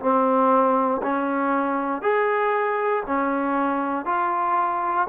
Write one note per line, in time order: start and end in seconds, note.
0.00 1.02 C4
1.03 2.02 C#4
2.02 3.04 G#4
3.07 4.06 C#4
4.06 5.08 F4